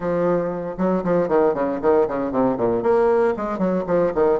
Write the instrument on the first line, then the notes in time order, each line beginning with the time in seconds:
bassoon
0.00 F3
0.77 F#3
1.04 F3
1.28 D#3
1.54 C#3
1.81 D#3
2.08 C#3
2.31 C3
2.57 A#2
2.82 A#3
3.36 G#3
3.58 F#3
3.86 F3
4.14 D#3